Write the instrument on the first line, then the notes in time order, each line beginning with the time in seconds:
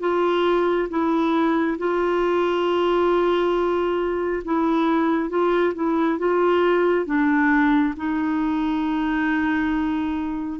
clarinet
0.00 F4
0.89 E4
1.78 F4
4.44 E4
5.29 F4
5.74 E4
6.18 F4
7.05 D4
7.97 D#4